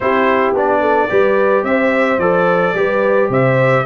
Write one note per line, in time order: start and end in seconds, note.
0.00 0.52 C4
0.00 0.55 E4
0.00 0.80 G4
0.00 0.54 C5
0.52 1.07 B3
0.52 1.09 D4
0.52 1.64 D5
0.80 1.08 A4
1.09 1.63 G3
1.09 2.19 G4
1.09 1.65 B4
1.63 2.18 C4
1.63 2.76 C5
1.63 2.19 E5
2.18 2.73 F3
2.18 2.75 A4
2.18 3.29 D5
2.74 3.29 G3
2.74 3.85 G4
2.74 3.29 B4
3.29 3.84 C3
3.29 3.85 C5
3.29 3.85 E5